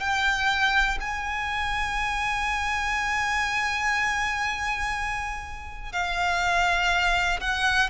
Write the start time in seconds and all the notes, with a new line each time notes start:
0.00 G5
1.01 G#5
5.92 F5
7.41 F#5